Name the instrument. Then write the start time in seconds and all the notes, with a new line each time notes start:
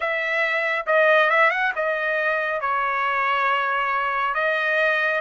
trumpet
0.00 E5
0.86 D#5
1.30 E5
1.50 F#5
1.75 D#5
2.60 C#5
4.34 D#5